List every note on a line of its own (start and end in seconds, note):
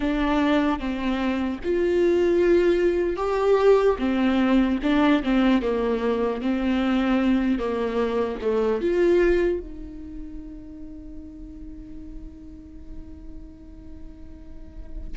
0.00 0.79 D4
0.79 1.59 C4
1.63 3.16 F4
3.16 3.96 G4
3.98 4.78 C4
4.82 5.22 D4
5.23 5.61 C4
5.61 6.41 A#3
6.41 7.59 C4
7.59 8.39 A#3
8.41 8.81 A3
8.81 9.59 F4
9.59 15.17 D#4